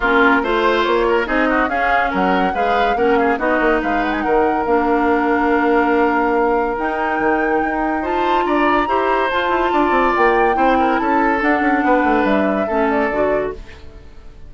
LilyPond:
<<
  \new Staff \with { instrumentName = "flute" } { \time 4/4 \tempo 4 = 142 ais'4 c''4 cis''4 dis''4 | f''4 fis''4 f''4 fis''8 f''8 | dis''4 f''8 fis''16 gis''16 fis''4 f''4~ | f''1 |
g''2. a''4 | ais''2 a''2 | g''2 a''4 fis''4~ | fis''4 e''4. d''4. | }
  \new Staff \with { instrumentName = "oboe" } { \time 4/4 f'4 c''4. ais'8 gis'8 fis'8 | gis'4 ais'4 b'4 ais'8 gis'8 | fis'4 b'4 ais'2~ | ais'1~ |
ais'2. c''4 | d''4 c''2 d''4~ | d''4 c''8 ais'8 a'2 | b'2 a'2 | }
  \new Staff \with { instrumentName = "clarinet" } { \time 4/4 cis'4 f'2 dis'4 | cis'2 gis'4 cis'4 | dis'2. d'4~ | d'1 |
dis'2. f'4~ | f'4 g'4 f'2~ | f'4 e'2 d'4~ | d'2 cis'4 fis'4 | }
  \new Staff \with { instrumentName = "bassoon" } { \time 4/4 ais4 a4 ais4 c'4 | cis'4 fis4 gis4 ais4 | b8 ais8 gis4 dis4 ais4~ | ais1 |
dis'4 dis4 dis'2 | d'4 e'4 f'8 e'8 d'8 c'8 | ais4 c'4 cis'4 d'8 cis'8 | b8 a8 g4 a4 d4 | }
>>